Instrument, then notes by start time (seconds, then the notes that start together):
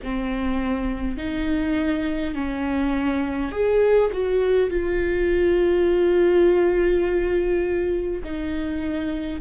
viola
0.03 C4
1.17 D#4
2.34 C#4
3.51 G#4
4.12 F#4
4.70 F4
8.24 D#4